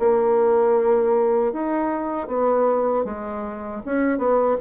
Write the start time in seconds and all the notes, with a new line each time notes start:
0.00 A#3
1.53 D#4
2.28 B3
3.05 G#3
3.86 C#4
4.19 B3